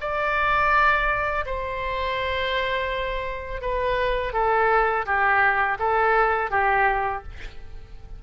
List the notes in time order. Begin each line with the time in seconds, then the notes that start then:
0.00 D5
1.45 C5
3.61 B4
4.33 A4
5.05 G4
5.78 A4
6.50 G4